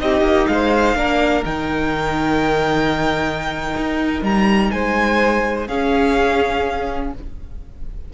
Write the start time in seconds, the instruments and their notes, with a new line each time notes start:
0.00 cello C4, viola D#4, violin G4 D#5
0.22 cello A#3
0.47 cello G#3, violin C5 F5
0.95 cello A#3, viola D4, violin A#4
1.45 cello D#3, viola D#4, violin G5
3.77 cello D#4
4.22 cello G3, violin A#5
4.71 cello G#3, violin C5 G#5
5.68 cello C#4, viola C#4, violin G#4 F5